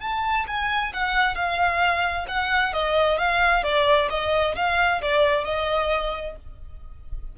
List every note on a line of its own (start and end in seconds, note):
0.00 0.45 A5
0.47 0.93 G#5
0.93 1.35 F#5
1.35 2.26 F5
2.28 2.73 F#5
2.73 3.18 D#5
3.18 3.63 F5
3.63 4.08 D5
4.10 4.55 D#5
4.56 5.01 F5
5.01 5.44 D5
5.44 6.35 D#5